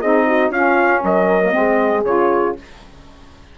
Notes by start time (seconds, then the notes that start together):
0.00 C4 D#4 G#4 D#5
0.26 F#4
0.50 C#4 F4 F5
1.03 F#3 A#4 D#5
1.42 A#3
1.52 G#3 C4 G#4
2.04 C#3 F4 C#5